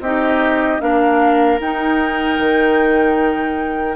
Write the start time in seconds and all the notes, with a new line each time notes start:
0.00 C4 D#4 G4 D#5
0.80 A#3 D4 A#4 F5
1.59 D#4 G5
2.39 D#3